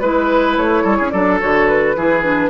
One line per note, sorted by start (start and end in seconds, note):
0.00 0.57 G#3
0.00 1.13 E4
0.00 0.56 B4
0.00 0.84 B4
0.57 0.84 A3
0.57 1.11 C#5
0.84 0.98 G3
0.84 0.97 A4
0.97 1.13 C#4
0.97 1.11 G#4
1.11 1.41 F#3
1.11 1.40 D4
1.11 1.96 A4
1.11 1.38 D5
1.40 1.96 D3
1.40 1.95 F#4
1.40 1.68 C#5
1.68 2.50 B4
1.96 2.50 E3
1.96 2.23 E4
1.96 2.50 G#4
2.23 2.50 D4